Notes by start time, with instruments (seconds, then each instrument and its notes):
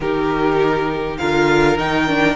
0.00 cello D#3, viola D#4, violin G4 A#4
1.17 cello D3, viola F4, violin A#4 F5
1.77 cello D#3, viola D#4, violin G5
2.07 viola D4